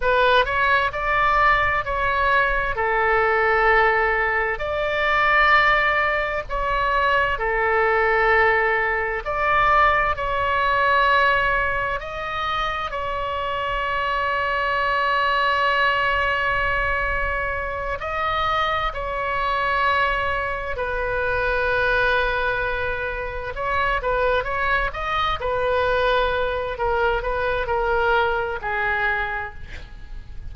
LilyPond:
\new Staff \with { instrumentName = "oboe" } { \time 4/4 \tempo 4 = 65 b'8 cis''8 d''4 cis''4 a'4~ | a'4 d''2 cis''4 | a'2 d''4 cis''4~ | cis''4 dis''4 cis''2~ |
cis''2.~ cis''8 dis''8~ | dis''8 cis''2 b'4.~ | b'4. cis''8 b'8 cis''8 dis''8 b'8~ | b'4 ais'8 b'8 ais'4 gis'4 | }